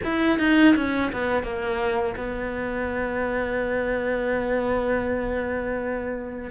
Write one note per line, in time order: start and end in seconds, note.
0.04 0.38 E4
0.38 0.75 D#4
0.75 1.11 C#4
1.12 1.43 B3
1.43 2.15 A#3
2.17 6.50 B3